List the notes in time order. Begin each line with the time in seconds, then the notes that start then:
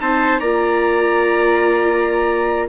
0.00 C4 D#4 C5 A5
0.39 A#3 F4 D5 A#5